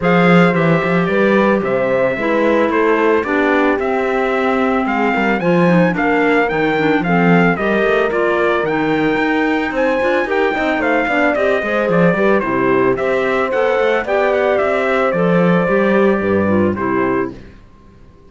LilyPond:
<<
  \new Staff \with { instrumentName = "trumpet" } { \time 4/4 \tempo 4 = 111 f''4 e''4 d''4 e''4~ | e''4 c''4 d''4 e''4~ | e''4 f''4 gis''4 f''4 | g''4 f''4 dis''4 d''4 |
g''2 gis''4 g''4 | f''4 dis''4 d''4 c''4 | e''4 fis''4 g''8 fis''8 e''4 | d''2. c''4 | }
  \new Staff \with { instrumentName = "horn" } { \time 4/4 c''2 b'4 c''4 | b'4 a'4 g'2~ | g'4 gis'8 ais'8 c''4 ais'4~ | ais'4 a'4 ais'2~ |
ais'2 c''4 ais'8 dis''8 | c''8 d''4 c''4 b'8 g'4 | c''2 d''4. c''8~ | c''2 b'4 g'4 | }
  \new Staff \with { instrumentName = "clarinet" } { \time 4/4 gis'4 g'2. | e'2 d'4 c'4~ | c'2 f'8 dis'8 d'4 | dis'8 d'8 c'4 g'4 f'4 |
dis'2~ dis'8 f'8 g'8 dis'8~ | dis'8 d'8 g'8 gis'4 g'8 e'4 | g'4 a'4 g'2 | a'4 g'4. f'8 e'4 | }
  \new Staff \with { instrumentName = "cello" } { \time 4/4 f4 e8 f8 g4 c4 | gis4 a4 b4 c'4~ | c'4 gis8 g8 f4 ais4 | dis4 f4 g8 a8 ais4 |
dis4 dis'4 c'8 d'8 dis'8 c'8 | a8 b8 c'8 gis8 f8 g8 c4 | c'4 b8 a8 b4 c'4 | f4 g4 g,4 c4 | }
>>